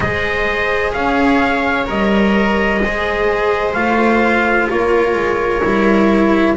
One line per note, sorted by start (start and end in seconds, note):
0.00 0.93 G#3
0.00 1.85 G#4
0.00 0.92 C5
0.00 0.92 D#5
0.92 1.88 C#4
0.92 2.79 C#5
0.92 1.87 F5
1.86 2.80 G3
1.86 2.79 A#4
1.86 3.73 D#5
2.80 3.74 G#3
2.80 3.75 G#4
2.80 4.71 C5
3.73 4.68 A3
3.73 5.61 F4
3.73 4.67 F5
4.70 5.14 A#3
4.70 6.57 A#4
4.70 6.57 C#5
5.14 5.61 G#3
5.61 6.57 G3
5.61 6.55 E4